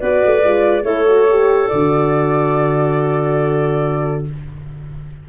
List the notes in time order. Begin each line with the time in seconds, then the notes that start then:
0.00 B3 F#4 B4 D5
0.26 A3
0.44 G#3 F4
0.84 A3 E4 A4 C#5
1.08 F#4
1.31 G4
1.69 D3 F#4 D5